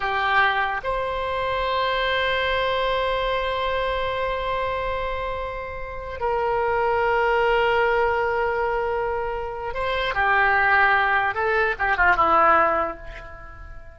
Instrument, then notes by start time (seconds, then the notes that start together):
oboe
0.00 G4
0.83 C5
6.19 A#4
9.74 C5
10.14 G4
11.34 A4
11.78 G4
11.96 F4
12.16 E4